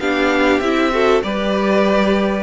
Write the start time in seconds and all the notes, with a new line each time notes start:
0.00 B3 D4 G4 F5
0.60 C4 E4 E5
0.92 F#4 A4
1.24 G3 G4 B4 D5